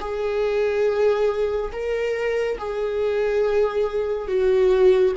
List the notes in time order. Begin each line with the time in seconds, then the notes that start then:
0.00 G#4
1.72 A#4
2.58 G#4
4.28 F#4